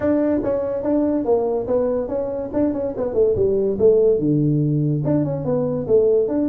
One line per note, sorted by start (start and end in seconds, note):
0.00 0.41 D4
0.43 0.83 C#4
0.83 1.24 D4
1.24 1.66 A#3
1.67 2.08 B3
2.08 2.50 C#4
2.53 2.73 D4
2.73 2.94 C#4
2.96 3.14 B3
3.14 3.35 A3
3.35 3.77 G3
3.78 4.18 A3
4.18 5.02 D3
5.04 5.24 D4
5.24 5.44 C#4
5.44 5.86 B3
5.87 6.27 A3
6.27 6.48 D4